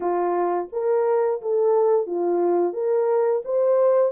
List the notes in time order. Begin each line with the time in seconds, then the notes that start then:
0.00 F4
0.72 A#4
1.41 A4
2.06 F4
2.73 A#4
3.45 C5